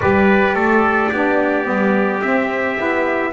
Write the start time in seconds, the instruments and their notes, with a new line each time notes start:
0.00 double bass G3, saxophone G4, trumpet B4 D5
0.53 double bass A3, trumpet A4
1.09 double bass B3, saxophone D4, trumpet G4
1.64 double bass G3, saxophone B3
2.21 saxophone C4, double bass C4, trumpet E5
2.77 double bass B3, saxophone E4